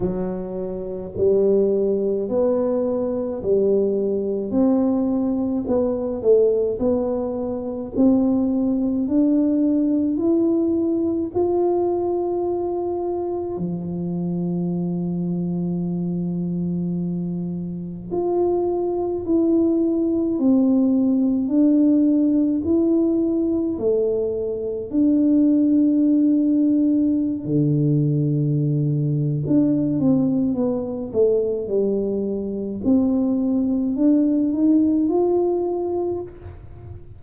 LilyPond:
\new Staff \with { instrumentName = "tuba" } { \time 4/4 \tempo 4 = 53 fis4 g4 b4 g4 | c'4 b8 a8 b4 c'4 | d'4 e'4 f'2 | f1 |
f'4 e'4 c'4 d'4 | e'4 a4 d'2~ | d'16 d4.~ d16 d'8 c'8 b8 a8 | g4 c'4 d'8 dis'8 f'4 | }